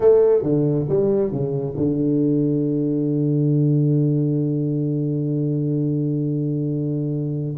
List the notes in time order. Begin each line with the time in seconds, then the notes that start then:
0.00 A3
0.42 D3
0.89 G3
1.31 C#3
1.76 D3